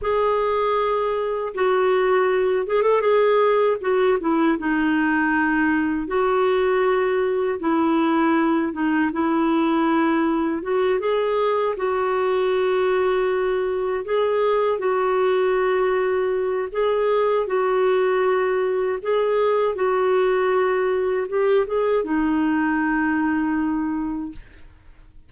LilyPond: \new Staff \with { instrumentName = "clarinet" } { \time 4/4 \tempo 4 = 79 gis'2 fis'4. gis'16 a'16 | gis'4 fis'8 e'8 dis'2 | fis'2 e'4. dis'8 | e'2 fis'8 gis'4 fis'8~ |
fis'2~ fis'8 gis'4 fis'8~ | fis'2 gis'4 fis'4~ | fis'4 gis'4 fis'2 | g'8 gis'8 dis'2. | }